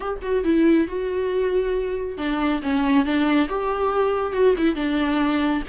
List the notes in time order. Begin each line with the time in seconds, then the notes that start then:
0.00 G4
0.22 F#4
0.44 E4
0.87 F#4
2.17 D4
2.62 C#4
3.05 D4
3.49 G4
4.32 F#4
4.57 E4
4.75 D4